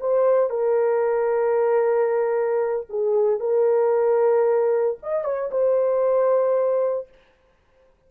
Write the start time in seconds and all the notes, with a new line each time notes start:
0.00 C5
0.50 A#4
2.89 G#4
3.40 A#4
5.02 D#5
5.24 C#5
5.50 C5